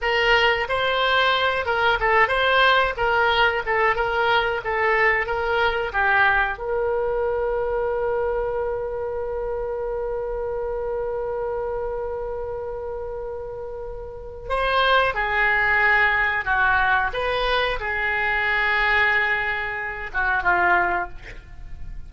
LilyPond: \new Staff \with { instrumentName = "oboe" } { \time 4/4 \tempo 4 = 91 ais'4 c''4. ais'8 a'8 c''8~ | c''8 ais'4 a'8 ais'4 a'4 | ais'4 g'4 ais'2~ | ais'1~ |
ais'1~ | ais'2 c''4 gis'4~ | gis'4 fis'4 b'4 gis'4~ | gis'2~ gis'8 fis'8 f'4 | }